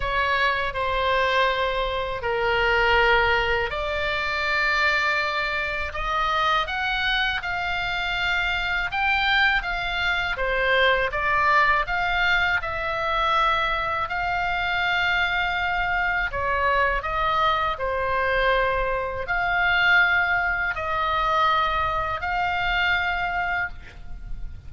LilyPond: \new Staff \with { instrumentName = "oboe" } { \time 4/4 \tempo 4 = 81 cis''4 c''2 ais'4~ | ais'4 d''2. | dis''4 fis''4 f''2 | g''4 f''4 c''4 d''4 |
f''4 e''2 f''4~ | f''2 cis''4 dis''4 | c''2 f''2 | dis''2 f''2 | }